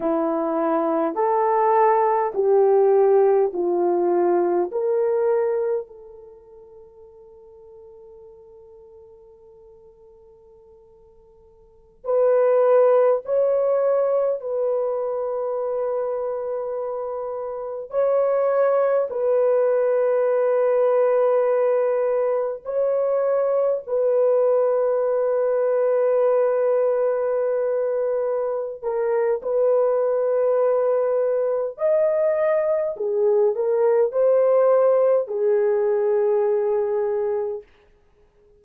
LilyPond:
\new Staff \with { instrumentName = "horn" } { \time 4/4 \tempo 4 = 51 e'4 a'4 g'4 f'4 | ais'4 a'2.~ | a'2~ a'16 b'4 cis''8.~ | cis''16 b'2. cis''8.~ |
cis''16 b'2. cis''8.~ | cis''16 b'2.~ b'8.~ | b'8 ais'8 b'2 dis''4 | gis'8 ais'8 c''4 gis'2 | }